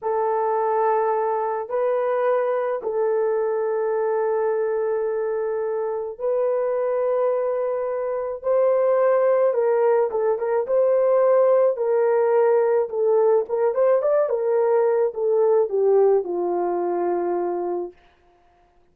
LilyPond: \new Staff \with { instrumentName = "horn" } { \time 4/4 \tempo 4 = 107 a'2. b'4~ | b'4 a'2.~ | a'2. b'4~ | b'2. c''4~ |
c''4 ais'4 a'8 ais'8 c''4~ | c''4 ais'2 a'4 | ais'8 c''8 d''8 ais'4. a'4 | g'4 f'2. | }